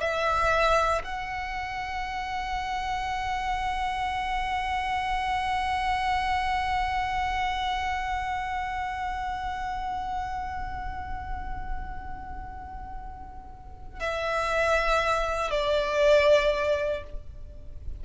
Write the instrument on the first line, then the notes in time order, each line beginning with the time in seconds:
violin
0.00 E5
1.04 F#5
14.00 E5
15.50 D5